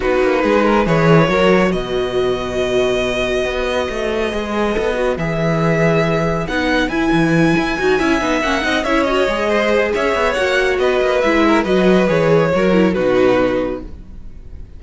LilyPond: <<
  \new Staff \with { instrumentName = "violin" } { \time 4/4 \tempo 4 = 139 b'2 cis''2 | dis''1~ | dis''1 | e''2. fis''4 |
gis''2.~ gis''8 fis''8~ | fis''8 e''8 dis''2 e''4 | fis''4 dis''4 e''4 dis''4 | cis''2 b'2 | }
  \new Staff \with { instrumentName = "violin" } { \time 4/4 fis'4 gis'8 ais'8 b'4 ais'4 | b'1~ | b'1~ | b'1~ |
b'2~ b'8 e''4. | dis''8 cis''4. c''4 cis''4~ | cis''4 b'4. ais'8 b'4~ | b'4 ais'4 fis'2 | }
  \new Staff \with { instrumentName = "viola" } { \time 4/4 dis'2 gis'4 fis'4~ | fis'1~ | fis'2 gis'4 a'8 fis'8 | gis'2. dis'4 |
e'2 fis'8 e'8 dis'8 cis'8 | dis'8 e'8 fis'8 gis'2~ gis'8 | fis'2 e'4 fis'4 | gis'4 fis'8 e'8 dis'2 | }
  \new Staff \with { instrumentName = "cello" } { \time 4/4 b8 ais8 gis4 e4 fis4 | b,1 | b4 a4 gis4 b4 | e2. b4 |
e'8 e4 e'8 dis'8 cis'8 b8 ais8 | c'8 cis'4 gis4. cis'8 b8 | ais4 b8 ais8 gis4 fis4 | e4 fis4 b,2 | }
>>